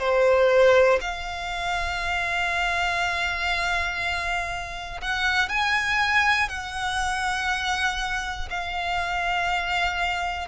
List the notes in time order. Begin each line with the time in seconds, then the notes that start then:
0.00 C5
1.01 F5
5.02 F#5
5.49 G#5
6.50 F#5
8.50 F5